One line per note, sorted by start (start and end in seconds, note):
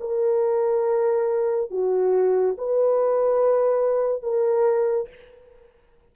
0.00 1.70 A#4
1.70 2.56 F#4
2.57 4.22 B4
4.22 5.08 A#4